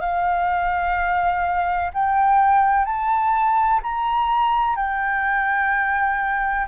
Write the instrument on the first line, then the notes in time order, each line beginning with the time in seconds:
flute
0.00 F5
1.93 G5
2.85 A5
3.83 A#5
4.76 G5